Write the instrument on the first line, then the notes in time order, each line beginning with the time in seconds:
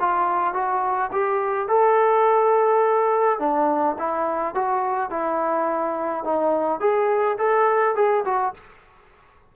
trombone
0.00 F4
0.54 F#4
1.12 G4
1.68 A4
3.39 D4
3.99 E4
4.55 F#4
5.10 E4
6.24 D#4
6.80 G#4
7.38 A4
7.96 G#4
8.25 F#4